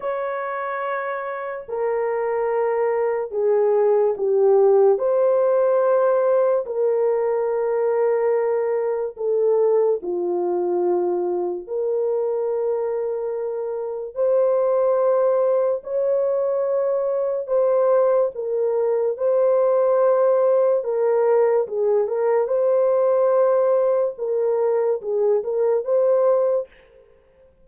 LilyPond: \new Staff \with { instrumentName = "horn" } { \time 4/4 \tempo 4 = 72 cis''2 ais'2 | gis'4 g'4 c''2 | ais'2. a'4 | f'2 ais'2~ |
ais'4 c''2 cis''4~ | cis''4 c''4 ais'4 c''4~ | c''4 ais'4 gis'8 ais'8 c''4~ | c''4 ais'4 gis'8 ais'8 c''4 | }